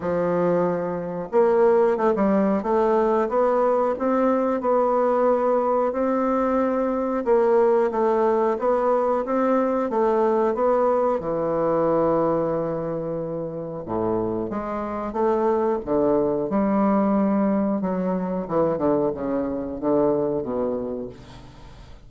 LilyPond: \new Staff \with { instrumentName = "bassoon" } { \time 4/4 \tempo 4 = 91 f2 ais4 a16 g8. | a4 b4 c'4 b4~ | b4 c'2 ais4 | a4 b4 c'4 a4 |
b4 e2.~ | e4 a,4 gis4 a4 | d4 g2 fis4 | e8 d8 cis4 d4 b,4 | }